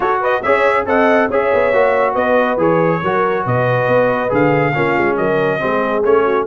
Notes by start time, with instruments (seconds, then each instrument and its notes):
0.00 trombone F#4, tuba F#4, horn A4, trumpet C#5
0.20 horn B4, trumpet D#5
0.42 tuba C#4, trombone G#4, horn C#5, trumpet E5
0.85 tuba C4, trombone A4, horn D#5, trumpet F#5
1.28 tuba C#4, trombone G#4, horn C#5, trumpet E5
1.53 tuba B3
1.73 tuba A#3, trombone F#4
2.13 tuba B3, horn B4, trumpet D#5
2.57 tuba E3, trombone G#4, trumpet C#5
3.02 tuba F#3, trombone F#4, horn A#4
3.44 tuba B2, horn B4, trumpet D#5
3.87 tuba B3
4.29 tuba D3, trombone G#4, trumpet F5
4.74 tuba A#3, trombone C#4, horn F4
4.97 tuba G#3
5.16 tuba F#3, horn A#4, trumpet D#5
5.59 tuba G#3, trombone C4, horn G#4
6.04 tuba A3, trombone C#4, trumpet C#5
6.24 horn F#4